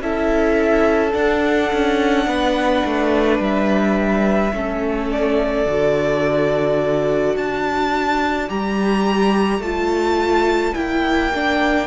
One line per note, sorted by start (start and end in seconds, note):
0.00 1.13 C#4
0.00 1.12 E4
0.00 2.28 A4
0.00 1.13 E5
1.12 4.52 D4
1.12 1.72 D4
1.12 3.40 F#5
1.73 2.27 C#4
2.27 2.83 B3
2.27 4.54 B4
2.86 3.40 A3
3.40 4.53 G3
3.40 5.12 E5
4.54 5.66 A3
4.54 5.67 C#4
4.54 7.38 A4
5.12 7.37 D5
5.66 7.36 D3
5.66 8.49 F#4
7.36 8.49 D4
7.36 11.88 D5
7.36 8.50 A5
8.49 9.59 G3
8.49 9.62 G4
8.49 9.63 A#5
9.59 10.72 A3
9.59 10.75 F4
9.59 10.75 A5
10.75 11.88 A#3
10.75 11.32 E4
10.75 11.88 G5
11.35 11.88 D4